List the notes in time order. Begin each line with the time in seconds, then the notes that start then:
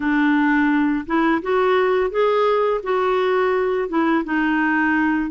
0.00 D4
1.06 E4
1.41 F#4
2.10 G#4
2.83 F#4
3.88 E4
4.24 D#4